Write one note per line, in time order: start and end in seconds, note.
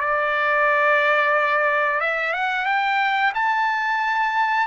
0.00 2.00 D5
2.00 2.33 E5
2.33 2.65 F#5
2.65 3.32 G5
3.34 4.66 A5